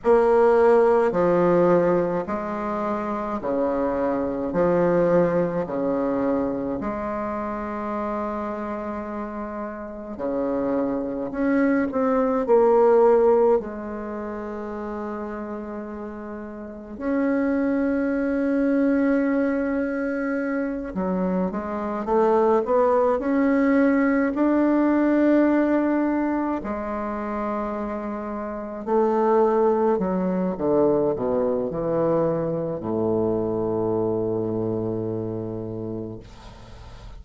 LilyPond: \new Staff \with { instrumentName = "bassoon" } { \time 4/4 \tempo 4 = 53 ais4 f4 gis4 cis4 | f4 cis4 gis2~ | gis4 cis4 cis'8 c'8 ais4 | gis2. cis'4~ |
cis'2~ cis'8 fis8 gis8 a8 | b8 cis'4 d'2 gis8~ | gis4. a4 fis8 d8 b,8 | e4 a,2. | }